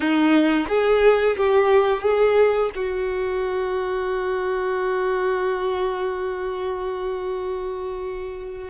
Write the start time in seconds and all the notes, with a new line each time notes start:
0.00 D#4
0.68 G#4
1.36 G4
2.01 G#4
2.75 F#4